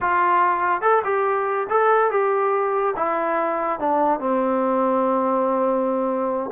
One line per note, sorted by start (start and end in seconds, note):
0.00 0.81 F4
0.81 1.02 A4
1.04 1.67 G4
1.69 2.10 A4
2.10 2.94 G4
2.96 3.79 E4
3.79 4.19 D4
4.19 6.50 C4